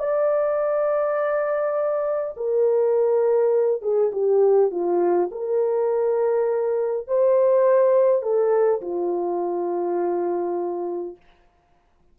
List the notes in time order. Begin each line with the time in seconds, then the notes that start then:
0.00 D5
2.37 A#4
3.82 G#4
4.13 G4
4.71 F4
5.32 A#4
7.08 C5
8.22 A4
8.82 F4